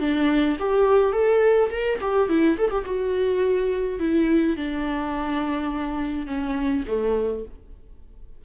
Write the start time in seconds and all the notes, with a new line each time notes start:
0.00 D4
0.60 G4
1.13 A4
1.70 A#4
2.01 G4
2.29 E4
2.58 A4
2.71 G4
2.85 F#4
3.99 E4
4.57 D4
6.27 C#4
6.88 A3